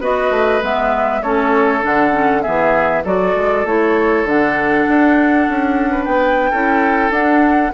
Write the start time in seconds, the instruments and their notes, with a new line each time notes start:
0.00 bassoon B3, clarinet F#4, oboe B4, flute D#5
0.30 bassoon A3
0.62 bassoon G#3, clarinet B3, flute E5
1.21 bassoon A3, clarinet C#4, oboe A4, flute C#5
1.81 bassoon D3, clarinet D4, flute F#5
2.12 clarinet C#4
2.42 bassoon E3, clarinet B3, oboe G#4, flute E5
3.04 bassoon F#3, clarinet F#4, oboe A4, flute D5
3.35 bassoon G#3
3.65 bassoon A3, clarinet E4, flute C#5
4.24 bassoon D3, clarinet D4, flute F#5
4.87 bassoon D4
5.48 bassoon C#4
5.90 oboe B4
6.04 bassoon B3, flute G5
6.50 bassoon C#4, clarinet E4, oboe A4
7.10 bassoon D4, clarinet D4, flute F#5